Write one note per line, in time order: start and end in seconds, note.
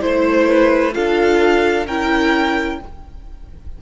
0.00 0.96 A3
0.00 0.92 E4
0.00 0.94 C5
0.00 0.48 C5
0.48 0.94 B4
0.93 1.86 D4
0.93 1.85 F4
0.93 1.87 A4
0.93 1.87 F5
1.86 2.79 C#4
1.86 2.82 E4
1.86 2.79 A#4
1.86 2.80 G5